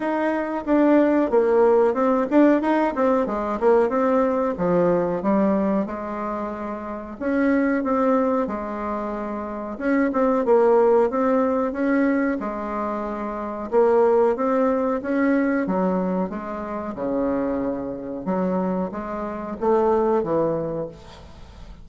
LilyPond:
\new Staff \with { instrumentName = "bassoon" } { \time 4/4 \tempo 4 = 92 dis'4 d'4 ais4 c'8 d'8 | dis'8 c'8 gis8 ais8 c'4 f4 | g4 gis2 cis'4 | c'4 gis2 cis'8 c'8 |
ais4 c'4 cis'4 gis4~ | gis4 ais4 c'4 cis'4 | fis4 gis4 cis2 | fis4 gis4 a4 e4 | }